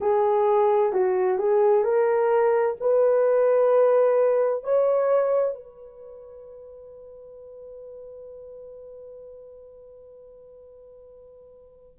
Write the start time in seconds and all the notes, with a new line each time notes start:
0.00 G#4
0.92 F#4
1.38 G#4
1.83 A#4
2.80 B4
4.63 C#5
5.54 B4